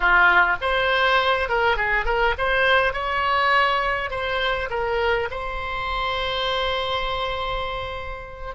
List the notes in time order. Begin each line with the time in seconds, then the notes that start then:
0.00 F4
0.61 C5
1.49 A#4
1.76 G#4
2.05 A#4
2.37 C5
2.93 C#5
4.10 C5
4.70 A#4
5.30 C5